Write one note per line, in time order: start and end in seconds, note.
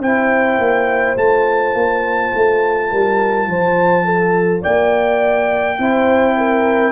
0.00 0.58 C4
0.00 1.17 E4
0.00 2.91 C5
0.00 1.17 G5
0.58 1.16 A#3
1.16 1.74 A3
1.16 5.78 F4
1.16 4.63 A5
1.74 2.31 A#3
2.35 2.92 A3
2.91 3.47 G3
2.91 3.48 A#4
3.47 4.62 F3
3.47 4.05 C5
4.05 4.62 A4
4.62 5.78 A#3
4.62 5.77 D5
4.62 6.92 G5
5.78 6.92 C4
5.78 6.92 E4
5.78 6.36 C5
6.37 6.92 A#4